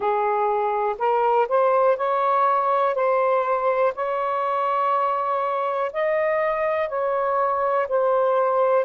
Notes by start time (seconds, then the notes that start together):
0.00 G#4
0.98 A#4
1.48 C5
1.96 C#5
2.95 C5
3.94 C#5
5.92 D#5
6.89 C#5
7.88 C5